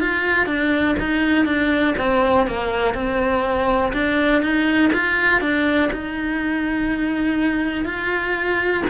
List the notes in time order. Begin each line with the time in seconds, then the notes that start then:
0.00 F4
0.46 D4
0.99 D#4
1.45 D4
1.98 C4
2.47 A#3
2.94 C4
3.93 D4
4.42 D#4
4.93 F4
5.41 D4
5.92 D#4
7.85 F4